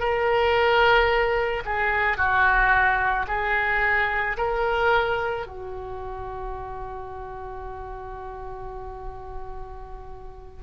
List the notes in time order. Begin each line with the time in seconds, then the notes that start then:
0.00 A#4
1.66 G#4
2.18 F#4
3.28 G#4
4.38 A#4
5.47 F#4